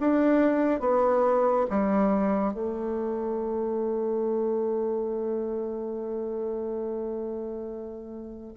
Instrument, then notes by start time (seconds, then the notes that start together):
bassoon
0.00 D4
0.80 B3
1.70 G3
2.54 A3